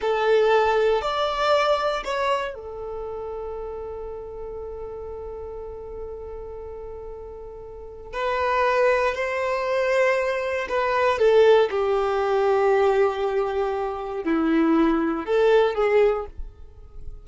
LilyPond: \new Staff \with { instrumentName = "violin" } { \time 4/4 \tempo 4 = 118 a'2 d''2 | cis''4 a'2.~ | a'1~ | a'1 |
b'2 c''2~ | c''4 b'4 a'4 g'4~ | g'1 | e'2 a'4 gis'4 | }